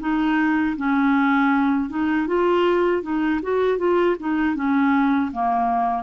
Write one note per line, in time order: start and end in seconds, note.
0.00 0.76 D#4
0.77 1.90 C#4
1.90 2.27 D#4
2.27 3.02 F4
3.02 3.40 D#4
3.42 3.78 F#4
3.78 4.16 F4
4.19 4.55 D#4
4.55 5.31 C#4
5.32 6.03 A#3